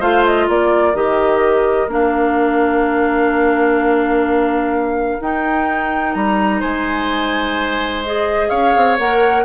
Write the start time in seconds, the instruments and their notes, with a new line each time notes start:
0.00 bassoon A3, clarinet F4, oboe C5, flute F5
0.25 flute D#5
0.47 bassoon A#3, oboe A#4, flute D5
0.94 bassoon D#3, clarinet G4, flute D#5
1.87 bassoon A#3, clarinet D4, flute F5
5.20 clarinet D#4, bassoon D#4, flute G5
6.14 bassoon G3, flute A#5
6.60 bassoon G#3, oboe C5, flute G#5
8.05 clarinet G#4, flute D#5
8.50 bassoon C#4, oboe C#5, flute F5
8.76 bassoon C4
8.98 bassoon A#3, clarinet A#4, flute F#5